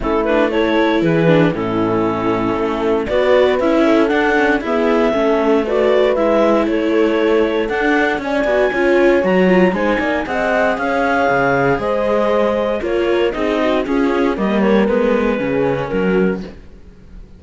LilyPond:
<<
  \new Staff \with { instrumentName = "clarinet" } { \time 4/4 \tempo 4 = 117 a'8 b'8 cis''4 b'4 a'4~ | a'2 d''4 e''4 | fis''4 e''2 d''4 | e''4 cis''2 fis''4 |
gis''2 ais''4 gis''4 | fis''4 f''2 dis''4~ | dis''4 cis''4 dis''4 gis'4 | dis''8 cis''8 b'2 ais'4 | }
  \new Staff \with { instrumentName = "horn" } { \time 4/4 e'4 a'4 gis'4 e'4~ | e'2 b'4. a'8~ | a'4 gis'4 a'4 b'4~ | b'4 a'2. |
d''4 cis''2 c''8 d''8 | dis''4 cis''2 c''4~ | c''4 ais'4 gis'8 fis'8 f'4 | ais'2 gis'4 fis'4 | }
  \new Staff \with { instrumentName = "viola" } { \time 4/4 cis'8 d'8 e'4. d'8 cis'4~ | cis'2 fis'4 e'4 | d'8 cis'8 b4 cis'4 fis'4 | e'2. d'4 |
cis'8 fis'8 f'4 fis'8 f'8 dis'4 | gis'1~ | gis'4 f'4 dis'4 cis'4 | ais4 b4 cis'2 | }
  \new Staff \with { instrumentName = "cello" } { \time 4/4 a2 e4 a,4~ | a,4 a4 b4 cis'4 | d'4 e'4 a2 | gis4 a2 d'4 |
cis'8 b8 cis'4 fis4 gis8 ais8 | c'4 cis'4 cis4 gis4~ | gis4 ais4 c'4 cis'4 | g4 gis4 cis4 fis4 | }
>>